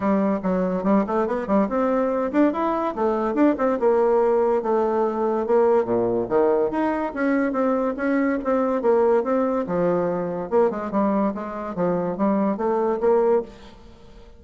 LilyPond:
\new Staff \with { instrumentName = "bassoon" } { \time 4/4 \tempo 4 = 143 g4 fis4 g8 a8 b8 g8 | c'4. d'8 e'4 a4 | d'8 c'8 ais2 a4~ | a4 ais4 ais,4 dis4 |
dis'4 cis'4 c'4 cis'4 | c'4 ais4 c'4 f4~ | f4 ais8 gis8 g4 gis4 | f4 g4 a4 ais4 | }